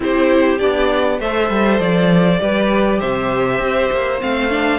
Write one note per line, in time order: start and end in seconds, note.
0.00 0.59 C4
0.00 0.59 E4
0.00 1.19 G4
0.00 0.58 C5
0.58 1.20 B3
0.58 1.19 D4
0.58 1.18 D5
1.19 1.49 A3
1.19 2.38 A4
1.19 2.39 C5
1.19 1.79 E5
1.49 1.79 G3
1.79 2.39 F3
1.79 3.00 D5
2.38 3.00 G3
2.38 4.18 G4
2.38 3.00 B4
3.00 3.59 C3
3.00 4.79 C5
3.00 4.20 E5
3.59 3.89 C4
3.92 4.21 A#3
4.20 4.79 A3
4.20 4.50 C4
4.20 4.79 F5
4.50 4.79 D4